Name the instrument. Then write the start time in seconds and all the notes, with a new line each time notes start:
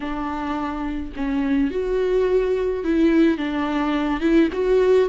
viola
0.00 D4
1.16 C#4
1.70 F#4
2.84 E4
3.37 D4
4.20 E4
4.53 F#4